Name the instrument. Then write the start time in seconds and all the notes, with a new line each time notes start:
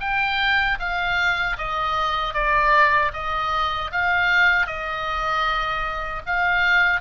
oboe
0.00 G5
0.79 F5
1.57 D#5
2.34 D5
3.13 D#5
3.91 F5
4.66 D#5
6.26 F5